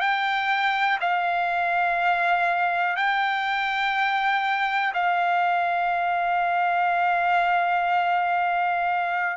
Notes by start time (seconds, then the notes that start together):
0.00 G5
1.00 F5
2.96 G5
4.94 F5